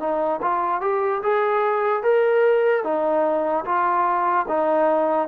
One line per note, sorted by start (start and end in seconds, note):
0.00 0.41 D#4
0.42 0.81 F4
0.81 1.22 G4
1.23 2.03 G#4
2.03 2.84 A#4
2.84 3.65 D#4
3.65 4.46 F4
4.49 5.28 D#4